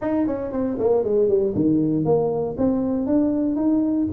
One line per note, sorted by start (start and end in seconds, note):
0.01 0.26 D#4
0.27 0.52 C#4
0.52 0.77 C4
0.78 1.04 A#3
1.04 1.28 G#3
1.28 1.54 G3
1.54 2.04 D#3
2.04 2.56 A#3
2.57 3.06 C4
3.06 3.55 D4
3.55 4.07 D#4